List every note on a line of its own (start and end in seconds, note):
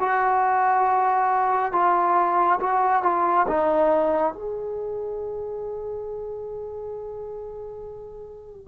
0.00 1.72 F#4
1.72 2.59 F4
2.60 3.03 F#4
3.03 3.47 F4
3.48 4.33 D#4
4.33 8.68 G#4